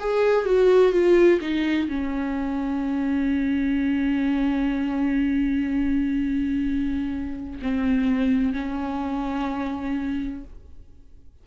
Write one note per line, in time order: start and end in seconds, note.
0.00 0.45 G#4
0.45 0.92 F#4
0.92 1.40 F4
1.41 1.88 D#4
1.88 7.60 C#4
7.62 8.53 C4
8.53 10.44 C#4